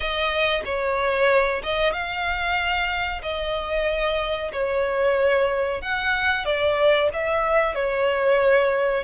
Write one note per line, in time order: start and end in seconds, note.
0.00 0.62 D#5
0.65 1.62 C#5
1.63 1.92 D#5
1.92 3.21 F5
3.22 4.51 D#5
4.52 5.81 C#5
5.81 6.45 F#5
6.45 7.09 D5
7.13 7.74 E5
7.74 9.03 C#5